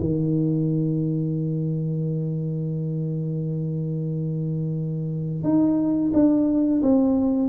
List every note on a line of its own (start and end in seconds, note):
0.00 5.44 D#3
5.44 6.12 D#4
6.14 6.82 D4
6.83 7.49 C4